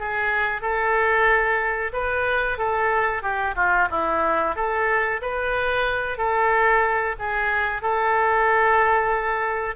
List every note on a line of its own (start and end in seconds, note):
0.00 0.62 G#4
0.62 1.92 A4
1.93 2.58 B4
2.58 3.23 A4
3.23 3.55 G4
3.56 3.88 F4
3.90 4.56 E4
4.56 5.21 A4
5.22 6.18 B4
6.18 7.16 A4
7.19 7.82 G#4
7.82 9.76 A4